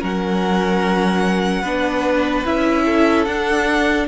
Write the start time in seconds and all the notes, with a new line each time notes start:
0.00 F#3 C#4 A#4 F#5
1.62 B3 D4 B4
2.45 C#4 E4 E5
2.86 A4
3.25 D4 F#5